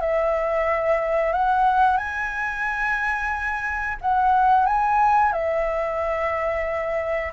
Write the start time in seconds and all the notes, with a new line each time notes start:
0.00 E5
1.32 F#5
1.97 G#5
4.01 F#5
4.66 G#5
5.32 E5